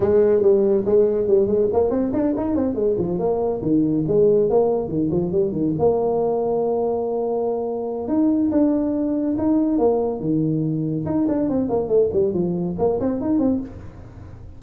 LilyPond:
\new Staff \with { instrumentName = "tuba" } { \time 4/4 \tempo 4 = 141 gis4 g4 gis4 g8 gis8 | ais8 c'8 d'8 dis'8 c'8 gis8 f8 ais8~ | ais8 dis4 gis4 ais4 dis8 | f8 g8 dis8 ais2~ ais8~ |
ais2. dis'4 | d'2 dis'4 ais4 | dis2 dis'8 d'8 c'8 ais8 | a8 g8 f4 ais8 c'8 dis'8 c'8 | }